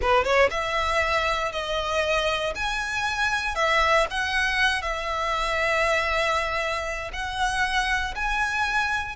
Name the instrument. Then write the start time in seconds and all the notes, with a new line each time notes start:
violin
0.01 B4
0.24 C#5
0.50 E5
1.52 D#5
2.55 G#5
3.55 E5
4.10 F#5
4.82 E5
7.12 F#5
8.15 G#5